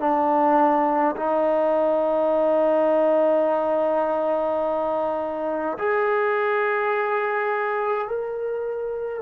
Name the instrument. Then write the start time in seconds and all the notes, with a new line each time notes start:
trombone
0.00 D4
1.16 D#4
5.78 G#4
8.08 A#4